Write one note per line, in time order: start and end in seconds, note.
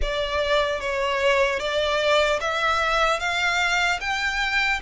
0.01 0.80 D5
0.80 1.59 C#5
1.59 2.39 D5
2.40 3.19 E5
3.19 3.99 F5
4.00 4.80 G5